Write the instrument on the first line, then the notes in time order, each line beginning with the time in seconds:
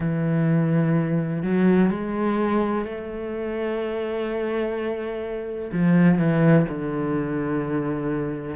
cello
0.00 E3
1.42 F#3
1.90 G#3
2.85 A3
5.72 F3
6.18 E3
6.68 D3